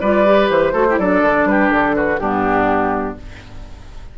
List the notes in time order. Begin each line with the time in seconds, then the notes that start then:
0.00 G3 F4 B4 D5
0.25 G4
0.49 E3 C5
0.73 A3 F#4 A4
0.89 E4 G4
0.98 F#3 D4 A4 D5
1.22 D3
1.44 G3 G4 B4
1.71 D3 A4
1.95 F#4 B4
2.19 G2 B3 D4 G4